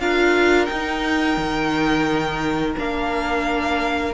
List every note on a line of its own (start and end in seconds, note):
0.00 0.69 D4
0.00 0.69 F4
0.00 4.14 A#4
0.00 0.66 F5
0.66 2.75 D#4
0.66 1.37 D#4
0.66 2.72 G5
1.37 2.75 D#3
2.76 4.14 A#3
2.76 4.14 D4
2.76 4.14 F5